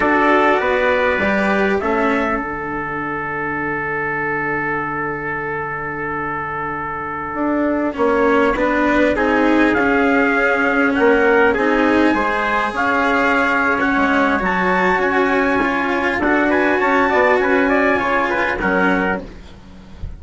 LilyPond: <<
  \new Staff \with { instrumentName = "trumpet" } { \time 4/4 \tempo 4 = 100 d''2. e''4 | fis''1~ | fis''1~ | fis''2.~ fis''16 gis''8.~ |
gis''16 f''2 fis''4 gis''8.~ | gis''4~ gis''16 f''4.~ f''16 fis''4 | a''4 gis''2 fis''8 gis''8 | a''4 gis''2 fis''4 | }
  \new Staff \with { instrumentName = "trumpet" } { \time 4/4 a'4 b'2 a'4~ | a'1~ | a'1~ | a'4~ a'16 cis''4 b'4 gis'8.~ |
gis'2~ gis'16 ais'4 gis'8.~ | gis'16 c''4 cis''2~ cis''8.~ | cis''2. a'8 b'8 | cis''8 d''8 b'8 d''8 cis''8 b'8 ais'4 | }
  \new Staff \with { instrumentName = "cello" } { \time 4/4 fis'2 g'4 cis'4 | d'1~ | d'1~ | d'4~ d'16 cis'4 d'4 dis'8.~ |
dis'16 cis'2. dis'8.~ | dis'16 gis'2~ gis'8. cis'4 | fis'2 f'4 fis'4~ | fis'2 f'4 cis'4 | }
  \new Staff \with { instrumentName = "bassoon" } { \time 4/4 d'4 b4 g4 a4 | d1~ | d1~ | d16 d'4 ais4 b4 c'8.~ |
c'16 cis'2 ais4 c'8.~ | c'16 gis4 cis'2 gis8. | fis4 cis'2 d'4 | cis'8 b8 cis'4 cis4 fis4 | }
>>